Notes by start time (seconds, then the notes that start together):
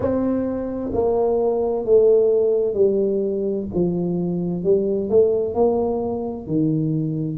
0.00 C4
0.92 A#3
1.85 A3
2.74 G3
3.74 F3
4.63 G3
5.09 A3
5.54 A#3
6.46 D#3